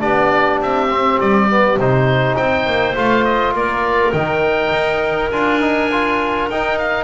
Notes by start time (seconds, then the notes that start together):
0.00 B3 D4 G4 D5
0.60 C4 E5
0.91 C4
1.20 G3 D5
1.50 B3
1.77 C3 D#4 C5
2.36 C4 C5 G5
2.66 A#3
2.96 A3 F4 F5
3.25 D#5
3.53 A#3 A#4 D5
4.13 D#3 D#4 G5
4.72 D#4
5.32 D4 F4 G#5
5.61 D#4
5.92 F4
6.49 D#4 G5
6.79 F5